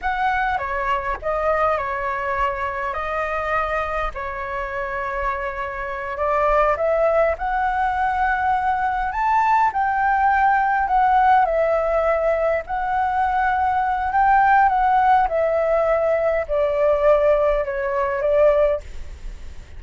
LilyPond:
\new Staff \with { instrumentName = "flute" } { \time 4/4 \tempo 4 = 102 fis''4 cis''4 dis''4 cis''4~ | cis''4 dis''2 cis''4~ | cis''2~ cis''8 d''4 e''8~ | e''8 fis''2. a''8~ |
a''8 g''2 fis''4 e''8~ | e''4. fis''2~ fis''8 | g''4 fis''4 e''2 | d''2 cis''4 d''4 | }